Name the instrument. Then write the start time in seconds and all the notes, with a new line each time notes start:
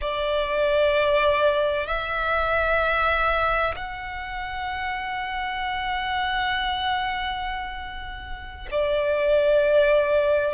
violin
0.01 D5
1.86 E5
3.75 F#5
8.71 D5